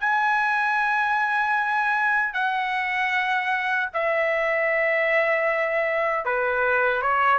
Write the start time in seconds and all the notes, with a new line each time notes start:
0.00 G#5
2.33 F#5
3.94 E5
6.25 B4
7.02 C#5